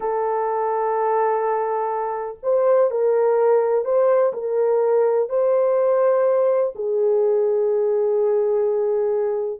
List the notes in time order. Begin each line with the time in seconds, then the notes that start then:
0.00 A4
2.42 C5
2.90 A#4
3.84 C5
4.33 A#4
5.29 C5
6.75 G#4